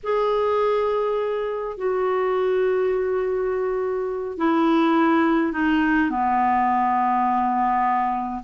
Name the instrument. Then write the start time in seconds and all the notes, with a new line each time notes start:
clarinet
0.03 G#4
1.77 F#4
4.37 E4
5.52 D#4
6.10 B3